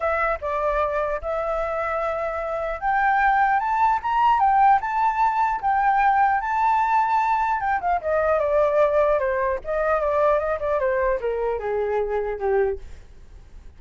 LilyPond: \new Staff \with { instrumentName = "flute" } { \time 4/4 \tempo 4 = 150 e''4 d''2 e''4~ | e''2. g''4~ | g''4 a''4 ais''4 g''4 | a''2 g''2 |
a''2. g''8 f''8 | dis''4 d''2 c''4 | dis''4 d''4 dis''8 d''8 c''4 | ais'4 gis'2 g'4 | }